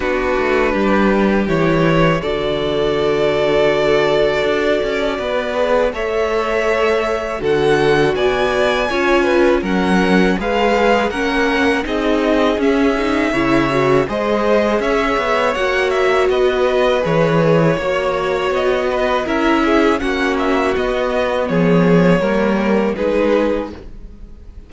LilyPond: <<
  \new Staff \with { instrumentName = "violin" } { \time 4/4 \tempo 4 = 81 b'2 cis''4 d''4~ | d''1 | e''2 fis''4 gis''4~ | gis''4 fis''4 f''4 fis''4 |
dis''4 e''2 dis''4 | e''4 fis''8 e''8 dis''4 cis''4~ | cis''4 dis''4 e''4 fis''8 e''8 | dis''4 cis''2 b'4 | }
  \new Staff \with { instrumentName = "violin" } { \time 4/4 fis'4 g'2 a'4~ | a'2. b'4 | cis''2 a'4 d''4 | cis''8 b'8 ais'4 b'4 ais'4 |
gis'2 cis''4 c''4 | cis''2 b'2 | cis''4. b'8 ais'8 gis'8 fis'4~ | fis'4 gis'4 ais'4 gis'4 | }
  \new Staff \with { instrumentName = "viola" } { \time 4/4 d'2 e'4 fis'4~ | fis'2.~ fis'8 gis'8 | a'2 fis'2 | f'4 cis'4 gis'4 cis'4 |
dis'4 cis'8 dis'8 e'8 fis'8 gis'4~ | gis'4 fis'2 gis'4 | fis'2 e'4 cis'4 | b2 ais4 dis'4 | }
  \new Staff \with { instrumentName = "cello" } { \time 4/4 b8 a8 g4 e4 d4~ | d2 d'8 cis'8 b4 | a2 d4 b4 | cis'4 fis4 gis4 ais4 |
c'4 cis'4 cis4 gis4 | cis'8 b8 ais4 b4 e4 | ais4 b4 cis'4 ais4 | b4 f4 g4 gis4 | }
>>